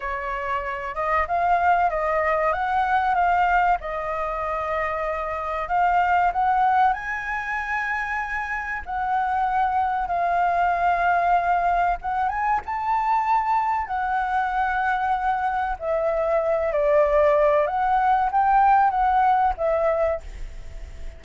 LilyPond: \new Staff \with { instrumentName = "flute" } { \time 4/4 \tempo 4 = 95 cis''4. dis''8 f''4 dis''4 | fis''4 f''4 dis''2~ | dis''4 f''4 fis''4 gis''4~ | gis''2 fis''2 |
f''2. fis''8 gis''8 | a''2 fis''2~ | fis''4 e''4. d''4. | fis''4 g''4 fis''4 e''4 | }